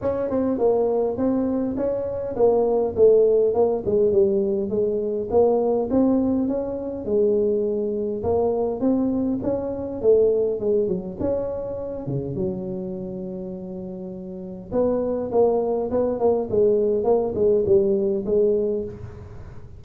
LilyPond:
\new Staff \with { instrumentName = "tuba" } { \time 4/4 \tempo 4 = 102 cis'8 c'8 ais4 c'4 cis'4 | ais4 a4 ais8 gis8 g4 | gis4 ais4 c'4 cis'4 | gis2 ais4 c'4 |
cis'4 a4 gis8 fis8 cis'4~ | cis'8 cis8 fis2.~ | fis4 b4 ais4 b8 ais8 | gis4 ais8 gis8 g4 gis4 | }